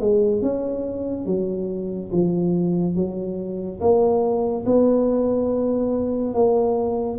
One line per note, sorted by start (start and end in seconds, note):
0.00 0.41 G#3
0.41 1.26 C#4
1.26 2.10 F#3
2.12 2.95 F3
2.95 3.80 F#3
3.80 4.64 A#3
4.65 6.34 B3
6.34 7.18 A#3